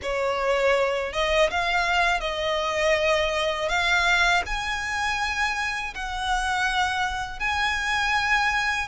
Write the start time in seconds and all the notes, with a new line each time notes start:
0.02 C#5
1.12 D#5
1.50 F5
2.20 D#5
3.68 F5
4.45 G#5
5.94 F#5
7.39 G#5